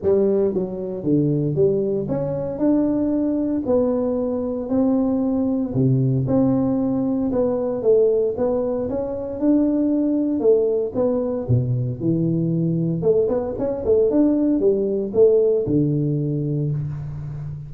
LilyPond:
\new Staff \with { instrumentName = "tuba" } { \time 4/4 \tempo 4 = 115 g4 fis4 d4 g4 | cis'4 d'2 b4~ | b4 c'2 c4 | c'2 b4 a4 |
b4 cis'4 d'2 | a4 b4 b,4 e4~ | e4 a8 b8 cis'8 a8 d'4 | g4 a4 d2 | }